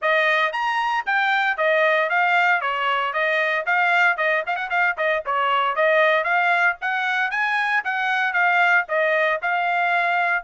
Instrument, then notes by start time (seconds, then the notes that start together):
trumpet
0.01 D#5
0.52 A#5
1.06 G5
1.57 D#5
2.09 F5
2.61 C#5
3.13 D#5
3.65 F5
4.17 D#5
4.46 F5
4.56 F#5
4.70 F5
4.97 D#5
5.25 C#5
5.75 D#5
6.24 F5
6.81 F#5
7.30 G#5
7.84 F#5
8.33 F5
8.88 D#5
9.42 F5